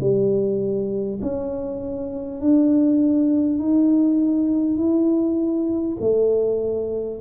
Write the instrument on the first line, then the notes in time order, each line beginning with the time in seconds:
tuba
0.00 G3
1.22 C#4
2.41 D4
3.59 D#4
4.77 E4
6.00 A3